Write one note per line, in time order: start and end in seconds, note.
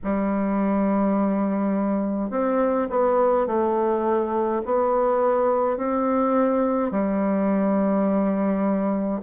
0.03 2.30 G3
2.30 2.88 C4
2.90 3.46 B3
3.46 4.62 A3
4.65 5.77 B3
5.77 6.91 C4
6.91 9.22 G3